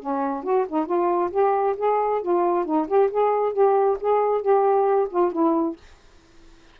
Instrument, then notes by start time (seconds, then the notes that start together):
saxophone
0.00 C#4
0.44 F#4
0.69 D#4
0.86 F4
1.31 G4
1.78 G#4
2.22 F4
2.65 D#4
2.88 G4
3.11 G#4
3.53 G4
4.01 G#4
4.42 G4
5.11 F4
5.33 E4